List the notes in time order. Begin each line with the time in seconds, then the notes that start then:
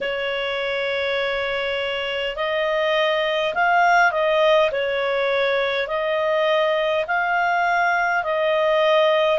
0.00 C#5
2.36 D#5
3.54 F5
4.11 D#5
4.71 C#5
5.87 D#5
7.07 F5
8.23 D#5